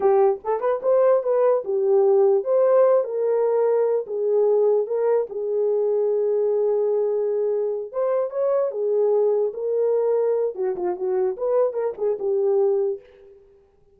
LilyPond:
\new Staff \with { instrumentName = "horn" } { \time 4/4 \tempo 4 = 148 g'4 a'8 b'8 c''4 b'4 | g'2 c''4. ais'8~ | ais'2 gis'2 | ais'4 gis'2.~ |
gis'2.~ gis'8 c''8~ | c''8 cis''4 gis'2 ais'8~ | ais'2 fis'8 f'8 fis'4 | b'4 ais'8 gis'8 g'2 | }